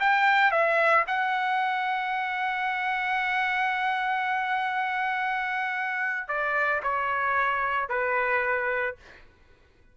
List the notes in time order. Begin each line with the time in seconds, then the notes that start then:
0.00 G5
0.51 E5
1.07 F#5
6.28 D5
6.83 C#5
7.89 B4